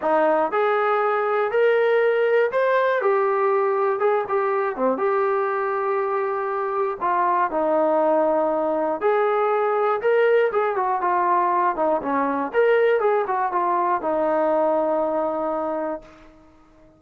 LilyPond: \new Staff \with { instrumentName = "trombone" } { \time 4/4 \tempo 4 = 120 dis'4 gis'2 ais'4~ | ais'4 c''4 g'2 | gis'8 g'4 c'8 g'2~ | g'2 f'4 dis'4~ |
dis'2 gis'2 | ais'4 gis'8 fis'8 f'4. dis'8 | cis'4 ais'4 gis'8 fis'8 f'4 | dis'1 | }